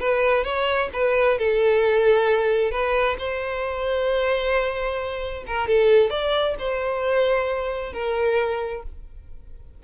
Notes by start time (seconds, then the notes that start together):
0.00 B4
0.44 C#5
0.94 B4
1.39 A4
2.72 B4
3.19 C5
5.47 A#4
5.68 A4
6.10 D5
6.59 C5
7.93 A#4